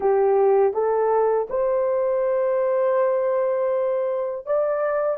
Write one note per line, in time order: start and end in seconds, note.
0.00 0.73 G4
0.73 1.47 A4
1.49 4.46 C5
4.46 5.18 D5